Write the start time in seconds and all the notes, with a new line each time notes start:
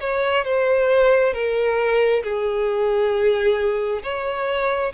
0.00 C#5
0.44 C5
1.33 A#4
2.23 G#4
4.03 C#5